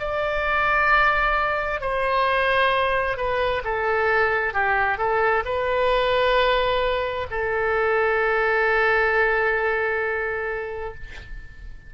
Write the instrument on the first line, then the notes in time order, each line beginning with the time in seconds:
oboe
0.00 D5
1.81 C5
3.17 B4
3.65 A4
4.54 G4
4.98 A4
5.45 B4
7.31 A4